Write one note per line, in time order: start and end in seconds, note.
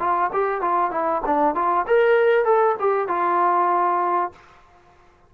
0.00 0.31 F4
0.33 0.62 G4
0.62 0.91 F4
0.91 1.22 E4
1.26 1.55 D4
1.55 1.86 F4
1.87 2.45 A#4
2.45 2.76 A4
2.80 3.08 G4
3.08 4.32 F4